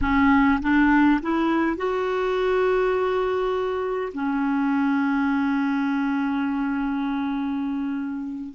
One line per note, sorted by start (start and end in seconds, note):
0.01 0.60 C#4
0.61 1.20 D4
1.22 1.76 E4
1.76 4.12 F#4
4.13 8.54 C#4